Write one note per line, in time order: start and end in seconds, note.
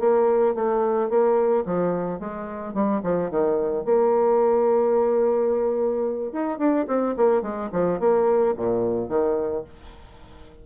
0.00 0.55 A#3
0.55 1.10 A3
1.10 1.65 A#3
1.66 2.20 F3
2.20 2.74 G#3
2.74 3.02 G3
3.04 3.31 F3
3.31 3.85 D#3
3.85 6.33 A#3
6.33 6.59 D#4
6.59 6.86 D4
6.88 7.16 C4
7.17 7.43 A#3
7.43 7.70 G#3
7.73 8.00 F3
8.00 8.55 A#3
8.57 9.09 A#2
9.09 9.64 D#3